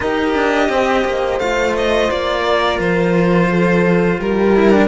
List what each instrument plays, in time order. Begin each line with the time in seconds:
0.00 cello D#4 G4, horn A#4, violin D#5
0.34 cello D4
0.69 cello C4, horn C5
1.05 cello A#3
1.39 cello A3 F4, violin F5
1.76 violin D#5
2.10 cello A#3, violin D5
2.44 horn A#4
2.79 cello F3, violin C5
3.49 horn A4
4.18 cello G3, horn G4, violin A#4
4.56 cello E4
4.71 cello D4